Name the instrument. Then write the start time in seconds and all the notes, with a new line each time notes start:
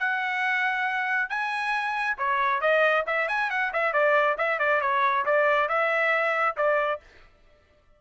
trumpet
0.00 F#5
1.30 G#5
2.18 C#5
2.61 D#5
3.07 E5
3.29 G#5
3.51 F#5
3.73 E5
3.93 D5
4.38 E5
4.60 D5
4.82 C#5
5.26 D5
5.69 E5
6.57 D5